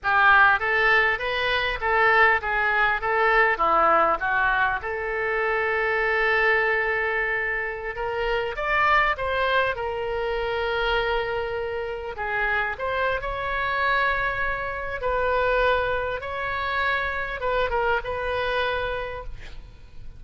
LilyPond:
\new Staff \with { instrumentName = "oboe" } { \time 4/4 \tempo 4 = 100 g'4 a'4 b'4 a'4 | gis'4 a'4 e'4 fis'4 | a'1~ | a'4~ a'16 ais'4 d''4 c''8.~ |
c''16 ais'2.~ ais'8.~ | ais'16 gis'4 c''8. cis''2~ | cis''4 b'2 cis''4~ | cis''4 b'8 ais'8 b'2 | }